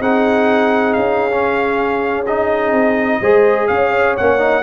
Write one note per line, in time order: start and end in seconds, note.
0.00 0.95 C4
0.00 1.31 D#4
0.00 3.21 G#4
0.00 0.93 F#5
0.93 2.72 C#4
0.93 2.24 F5
1.31 2.26 C#4
2.26 3.22 D#4
2.26 3.67 D#5
2.72 3.19 C4
3.21 3.69 G#3
3.21 4.17 G#4
3.21 3.68 C5
3.67 4.17 C#4
3.67 4.63 C#5
3.67 4.15 F5
4.17 4.63 A#3
4.17 4.38 C#4
4.17 4.63 F#5
4.38 4.62 D#4